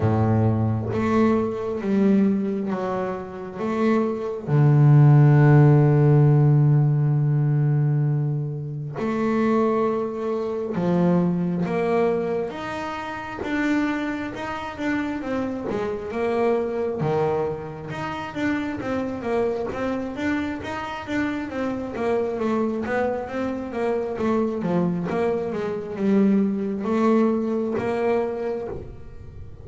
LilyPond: \new Staff \with { instrumentName = "double bass" } { \time 4/4 \tempo 4 = 67 a,4 a4 g4 fis4 | a4 d2.~ | d2 a2 | f4 ais4 dis'4 d'4 |
dis'8 d'8 c'8 gis8 ais4 dis4 | dis'8 d'8 c'8 ais8 c'8 d'8 dis'8 d'8 | c'8 ais8 a8 b8 c'8 ais8 a8 f8 | ais8 gis8 g4 a4 ais4 | }